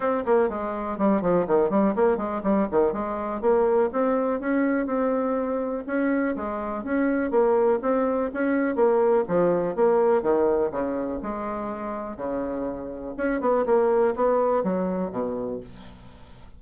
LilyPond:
\new Staff \with { instrumentName = "bassoon" } { \time 4/4 \tempo 4 = 123 c'8 ais8 gis4 g8 f8 dis8 g8 | ais8 gis8 g8 dis8 gis4 ais4 | c'4 cis'4 c'2 | cis'4 gis4 cis'4 ais4 |
c'4 cis'4 ais4 f4 | ais4 dis4 cis4 gis4~ | gis4 cis2 cis'8 b8 | ais4 b4 fis4 b,4 | }